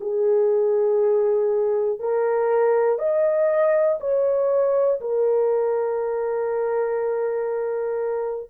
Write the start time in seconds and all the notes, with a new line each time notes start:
0.00 G#4
1.99 A#4
2.98 D#5
4.00 C#5
5.00 A#4